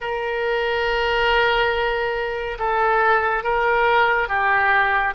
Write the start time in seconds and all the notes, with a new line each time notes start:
0.00 A#4
2.58 A4
3.43 A#4
4.28 G4